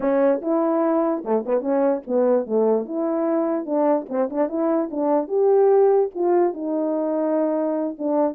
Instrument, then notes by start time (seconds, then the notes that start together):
horn
0.00 C#4
0.41 E4
1.24 A3
1.45 B3
1.60 C#4
2.07 B3
2.46 A3
2.85 E4
3.65 D4
4.09 C4
4.29 D4
4.48 E4
4.90 D4
5.28 G4
6.14 F4
6.53 D#4
7.98 D4